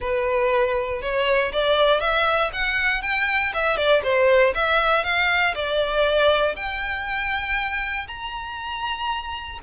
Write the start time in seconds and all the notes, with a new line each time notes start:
0.00 B4
1.01 C#5
1.52 D5
2.00 E5
2.52 F#5
3.02 G5
3.53 E5
3.77 D5
4.03 C5
4.54 E5
5.04 F5
5.54 D5
6.56 G5
8.07 A#5